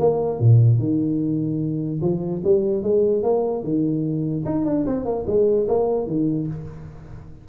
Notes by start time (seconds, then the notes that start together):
0.00 A#3
0.40 A#2
0.79 D#3
2.02 F3
2.45 G3
2.83 G#3
3.23 A#3
3.64 D#3
4.45 D#4
4.66 D4
4.87 C4
5.05 A#3
5.27 G#3
5.68 A#3
6.07 D#3